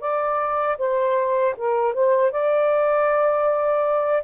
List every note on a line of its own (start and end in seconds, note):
0.00 0.77 D5
0.78 1.55 C5
1.57 1.94 A#4
1.94 2.31 C5
2.31 4.23 D5